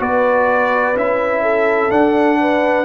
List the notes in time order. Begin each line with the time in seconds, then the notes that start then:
0.00 B3 F#4 B4 D5
0.96 C#4 E4 E5
1.43 A4
1.90 D4 F#5
2.41 B4